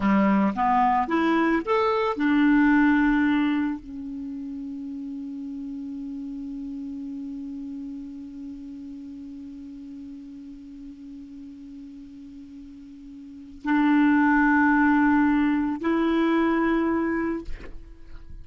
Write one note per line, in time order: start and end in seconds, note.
0.00 0.52 G3
0.55 1.07 B3
1.07 1.62 E4
1.65 2.16 A4
2.16 3.80 D4
3.80 13.61 C#4
13.64 15.81 D4
15.81 17.44 E4